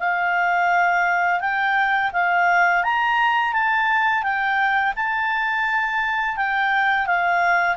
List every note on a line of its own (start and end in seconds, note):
0.00 1.41 F5
1.41 2.11 G5
2.13 2.84 F5
2.84 3.54 A#5
3.54 4.23 A5
4.23 4.94 G5
4.96 6.37 A5
6.37 7.07 G5
7.07 7.77 F5